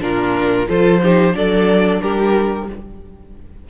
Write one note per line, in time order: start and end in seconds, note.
0.00 0.67 A#2
0.00 0.67 D4
0.00 0.68 F4
0.00 0.68 A#4
0.67 1.34 F3
0.67 1.00 F4
0.67 1.01 A4
0.67 1.36 C5
1.02 1.32 D#4
1.02 1.35 G4
1.32 2.01 F#3
1.32 2.65 D4
1.32 2.01 A4
1.32 2.01 D5
2.01 2.69 G3
2.01 2.68 G4
2.01 2.68 A#4